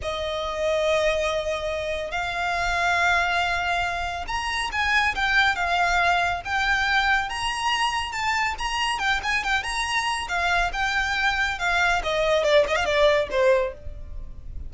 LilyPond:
\new Staff \with { instrumentName = "violin" } { \time 4/4 \tempo 4 = 140 dis''1~ | dis''4 f''2.~ | f''2 ais''4 gis''4 | g''4 f''2 g''4~ |
g''4 ais''2 a''4 | ais''4 g''8 gis''8 g''8 ais''4. | f''4 g''2 f''4 | dis''4 d''8 dis''16 f''16 d''4 c''4 | }